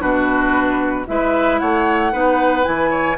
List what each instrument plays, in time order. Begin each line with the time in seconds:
0.00 bassoon B2, clarinet D4, oboe F#4, flute B4
1.07 bassoon G#3, clarinet E4, oboe B4, flute E5
1.59 bassoon A3, oboe C#5, flute F#5
2.12 bassoon B3, clarinet D#4, oboe B4
2.63 bassoon E3, clarinet E4, flute G#5
2.90 oboe C#5